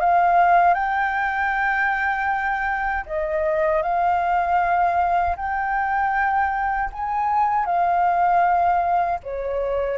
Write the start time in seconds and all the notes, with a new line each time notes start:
0.00 F5
0.74 G5
3.06 D#5
3.83 F5
5.36 G5
6.93 G#5
7.66 F5
9.23 C#5